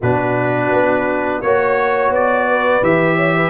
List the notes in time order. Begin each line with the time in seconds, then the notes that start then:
0.01 B2 D4 F#4 B4
0.71 B3
1.41 A#3 F#4 C#5
2.09 B3 D5
2.48 B4
2.82 E3 G4 E5
3.16 C#5
3.35 B4